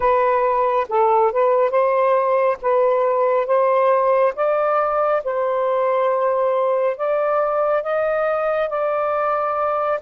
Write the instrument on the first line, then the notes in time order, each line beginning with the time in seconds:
saxophone
0.00 B4
0.89 A4
1.32 B4
1.70 C5
2.61 B4
3.46 C5
4.35 D5
5.24 C5
6.96 D5
7.83 D#5
8.69 D5